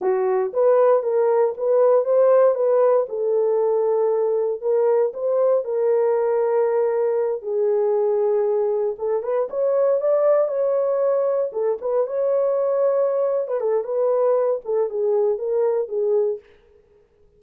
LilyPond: \new Staff \with { instrumentName = "horn" } { \time 4/4 \tempo 4 = 117 fis'4 b'4 ais'4 b'4 | c''4 b'4 a'2~ | a'4 ais'4 c''4 ais'4~ | ais'2~ ais'8 gis'4.~ |
gis'4. a'8 b'8 cis''4 d''8~ | d''8 cis''2 a'8 b'8 cis''8~ | cis''2~ cis''16 b'16 a'8 b'4~ | b'8 a'8 gis'4 ais'4 gis'4 | }